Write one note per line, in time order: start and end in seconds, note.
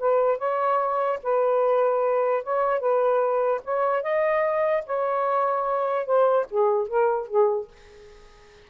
0.00 0.39 B4
0.39 1.20 C#5
1.23 2.44 B4
2.44 2.80 C#5
2.80 3.61 B4
3.65 4.03 C#5
4.03 4.84 D#5
4.86 6.06 C#5
6.06 6.47 C5
6.50 6.88 G#4
6.88 7.28 A#4
7.28 7.68 G#4